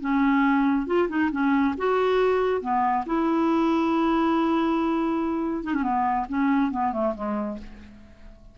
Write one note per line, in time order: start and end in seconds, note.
0.00 0.86 C#4
0.87 1.08 F4
1.08 1.30 D#4
1.31 1.75 C#4
1.77 2.61 F#4
2.61 3.04 B3
3.05 5.63 E4
5.63 5.74 D#4
5.74 5.82 C#4
5.82 6.26 B3
6.28 6.71 C#4
6.71 6.92 B3
6.92 7.14 A3
7.15 7.58 G#3